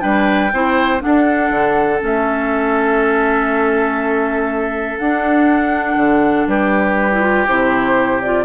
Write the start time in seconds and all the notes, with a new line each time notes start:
0.00 G3 D4 B4 G5
0.52 C4 E4 C5
0.99 D4 A4 F#5
1.05 D4
1.50 D3
2.00 A3 C#4 E5
4.98 D4 F#5
5.96 D3
6.47 G3 G4 B4
7.12 E4
7.21 F4
7.48 C3 E4 C5
8.21 F4 D5